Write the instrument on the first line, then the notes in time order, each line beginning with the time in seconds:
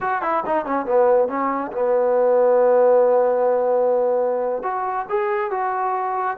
trombone
0.00 F#4
0.22 E4
0.46 D#4
0.65 C#4
0.85 B3
1.28 C#4
1.72 B3
4.62 F#4
5.09 G#4
5.50 F#4